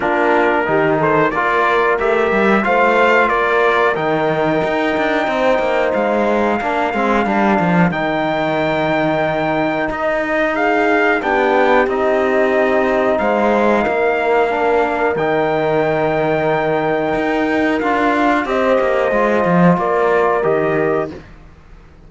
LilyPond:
<<
  \new Staff \with { instrumentName = "trumpet" } { \time 4/4 \tempo 4 = 91 ais'4. c''8 d''4 e''4 | f''4 d''4 g''2~ | g''4 f''2. | g''2. dis''4 |
f''4 g''4 dis''2 | f''2. g''4~ | g''2. f''4 | dis''2 d''4 dis''4 | }
  \new Staff \with { instrumentName = "horn" } { \time 4/4 f'4 g'8 a'8 ais'2 | c''4 ais'2. | c''2 ais'2~ | ais'1 |
gis'4 g'2. | c''4 ais'2.~ | ais'1 | c''2 ais'2 | }
  \new Staff \with { instrumentName = "trombone" } { \time 4/4 d'4 dis'4 f'4 g'4 | f'2 dis'2~ | dis'2 d'8 c'8 d'4 | dis'1~ |
dis'4 d'4 dis'2~ | dis'2 d'4 dis'4~ | dis'2. f'4 | g'4 f'2 g'4 | }
  \new Staff \with { instrumentName = "cello" } { \time 4/4 ais4 dis4 ais4 a8 g8 | a4 ais4 dis4 dis'8 d'8 | c'8 ais8 gis4 ais8 gis8 g8 f8 | dis2. dis'4~ |
dis'4 b4 c'2 | gis4 ais2 dis4~ | dis2 dis'4 d'4 | c'8 ais8 gis8 f8 ais4 dis4 | }
>>